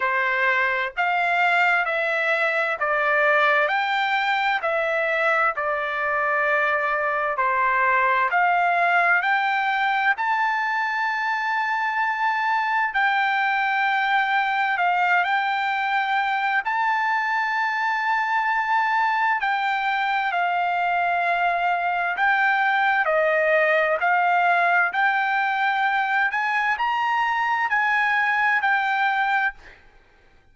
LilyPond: \new Staff \with { instrumentName = "trumpet" } { \time 4/4 \tempo 4 = 65 c''4 f''4 e''4 d''4 | g''4 e''4 d''2 | c''4 f''4 g''4 a''4~ | a''2 g''2 |
f''8 g''4. a''2~ | a''4 g''4 f''2 | g''4 dis''4 f''4 g''4~ | g''8 gis''8 ais''4 gis''4 g''4 | }